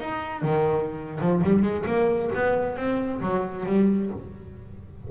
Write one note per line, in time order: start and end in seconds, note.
0.00 0.42 D#4
0.42 1.19 D#3
1.20 1.42 F3
1.43 1.62 G3
1.62 1.84 G#3
1.86 2.30 A#3
2.34 2.76 B3
2.76 3.20 C4
3.21 3.65 F#3
3.66 4.10 G3